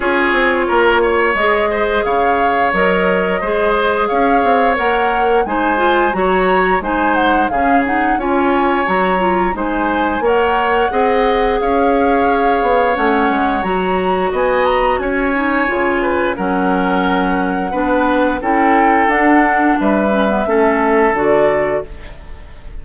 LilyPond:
<<
  \new Staff \with { instrumentName = "flute" } { \time 4/4 \tempo 4 = 88 cis''2 dis''4 f''4 | dis''2 f''4 fis''4 | gis''4 ais''4 gis''8 fis''8 f''8 fis''8 | gis''4 ais''4 gis''4 fis''4~ |
fis''4 f''2 fis''4 | ais''4 gis''8 ais''8 gis''2 | fis''2. g''4 | fis''4 e''2 d''4 | }
  \new Staff \with { instrumentName = "oboe" } { \time 4/4 gis'4 ais'8 cis''4 c''8 cis''4~ | cis''4 c''4 cis''2 | c''4 cis''4 c''4 gis'4 | cis''2 c''4 cis''4 |
dis''4 cis''2.~ | cis''4 dis''4 cis''4. b'8 | ais'2 b'4 a'4~ | a'4 b'4 a'2 | }
  \new Staff \with { instrumentName = "clarinet" } { \time 4/4 f'2 gis'2 | ais'4 gis'2 ais'4 | dis'8 f'8 fis'4 dis'4 cis'8 dis'8 | f'4 fis'8 f'8 dis'4 ais'4 |
gis'2. cis'4 | fis'2~ fis'8 dis'8 f'4 | cis'2 d'4 e'4 | d'4. cis'16 b16 cis'4 fis'4 | }
  \new Staff \with { instrumentName = "bassoon" } { \time 4/4 cis'8 c'8 ais4 gis4 cis4 | fis4 gis4 cis'8 c'8 ais4 | gis4 fis4 gis4 cis4 | cis'4 fis4 gis4 ais4 |
c'4 cis'4. b8 a8 gis8 | fis4 b4 cis'4 cis4 | fis2 b4 cis'4 | d'4 g4 a4 d4 | }
>>